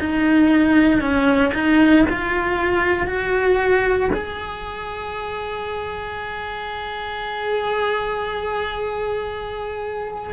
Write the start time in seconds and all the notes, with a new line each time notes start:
0.00 D#4
1.01 C#4
1.54 D#4
2.09 F4
3.07 F#4
4.13 G#4